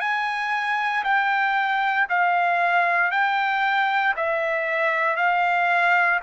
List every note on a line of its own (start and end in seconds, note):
0.00 1.03 G#5
1.04 2.07 G5
2.09 3.11 F5
3.11 4.14 G5
4.16 5.16 E5
5.16 6.20 F5